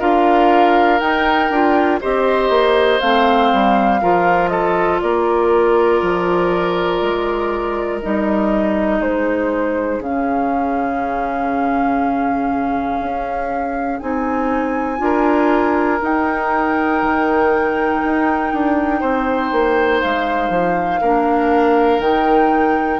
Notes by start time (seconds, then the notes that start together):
0.00 D4 F4 A#4 F5
1.00 D#4 G5
1.51 D4 F4
2.01 C4 G4 C5 D#5
2.50 A#3
3.01 A3 C4 F5
3.53 G3
4.01 F3 F4 A#4
4.49 A4 D#5
5.01 A#3 A#4 D5
6.02 F3
7.02 G#3
8.02 G3 D#4 D#5
8.99 G#3 G#4 C5
9.99 C#3 C#4 F5
13.01 C#4
14.00 C4 D#4 G#5
14.99 D4 F4 A#4
16.02 D#4 G5
17.02 D#3
18.04 D#4
18.54 D4
19.01 C4 C5
19.52 A#3
20.01 G#3 F5
20.50 F3
21.02 A#3 D4 A#4
21.99 D#3 D#4 G5